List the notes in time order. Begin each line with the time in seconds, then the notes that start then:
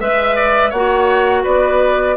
0.00 G#3 B4 E5
0.36 D5
0.70 A#3 F#4 C#5 F#5
1.44 B3 B4 D5